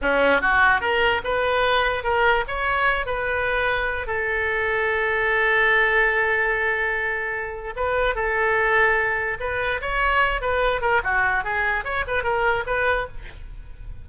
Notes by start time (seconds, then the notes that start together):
0.01 C#4
0.41 F#4
0.81 A#4
1.24 B4
2.03 A#4
2.47 C#5
3.06 B4
4.06 A4
7.76 B4
8.15 A4
9.40 B4
9.81 C#5
10.41 B4
10.81 A#4
11.03 F#4
11.44 G#4
11.84 C#5
12.07 B4
12.23 A#4
12.66 B4